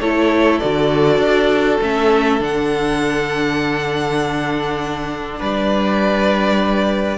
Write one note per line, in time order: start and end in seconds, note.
0.00 0.60 A3
0.00 0.62 E4
0.00 5.40 A4
0.00 0.59 C#5
0.59 1.19 D3
0.59 1.81 F#4
0.59 1.79 D5
1.19 1.79 D4
1.81 2.40 A3
1.81 2.40 C#4
1.81 2.43 E5
2.40 5.40 D3
2.40 7.18 D4
2.40 5.42 F#5
5.40 7.18 G3
5.40 7.18 B4
5.40 7.18 D5